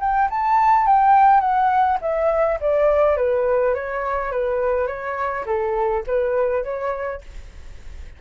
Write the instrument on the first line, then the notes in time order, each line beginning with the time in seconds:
flute
0.00 G5
0.30 A5
0.87 G5
1.41 F#5
2.01 E5
2.61 D5
3.17 B4
3.74 C#5
4.32 B4
4.87 C#5
5.46 A4
6.07 B4
6.64 C#5